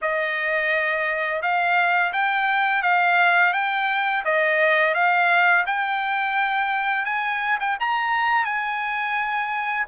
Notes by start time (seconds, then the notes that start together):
0.01 D#5
1.41 F5
2.12 G5
2.82 F5
3.53 G5
4.24 D#5
4.94 F5
5.66 G5
7.05 G#5
7.59 G5
7.79 A#5
8.44 G#5